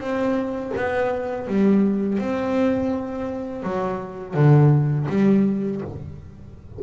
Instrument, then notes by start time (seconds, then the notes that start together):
double bass
0.00 C4
0.76 B3
1.48 G3
2.19 C4
3.63 F#3
4.34 D3
5.09 G3